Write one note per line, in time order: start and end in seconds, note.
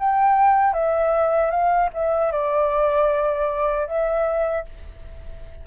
0.00 0.74 G5
0.74 1.51 E5
1.51 1.90 F5
1.94 2.32 E5
2.32 3.87 D5
3.87 4.65 E5